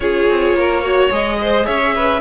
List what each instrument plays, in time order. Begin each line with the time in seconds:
0.00 cello C#4, viola F4, violin G#4 C#5
0.28 cello C4
0.53 cello A#3, violin A#4
0.81 viola F#4, violin C#5
1.10 cello G#3, viola G#4, violin D#5
1.41 violin C5
1.65 cello C#4, violin C#5 E5
1.95 violin B4